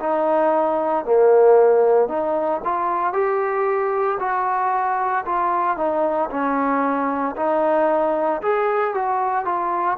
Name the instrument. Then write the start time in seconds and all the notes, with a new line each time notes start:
trombone
0.00 D#4
1.05 A#3
2.09 D#4
2.65 F4
3.13 G4
4.20 F#4
5.26 F4
5.77 D#4
6.31 C#4
7.36 D#4
8.42 G#4
8.95 F#4
9.45 F4